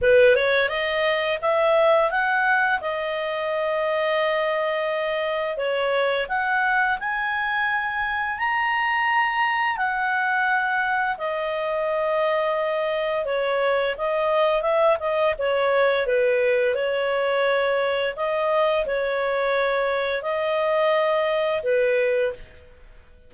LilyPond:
\new Staff \with { instrumentName = "clarinet" } { \time 4/4 \tempo 4 = 86 b'8 cis''8 dis''4 e''4 fis''4 | dis''1 | cis''4 fis''4 gis''2 | ais''2 fis''2 |
dis''2. cis''4 | dis''4 e''8 dis''8 cis''4 b'4 | cis''2 dis''4 cis''4~ | cis''4 dis''2 b'4 | }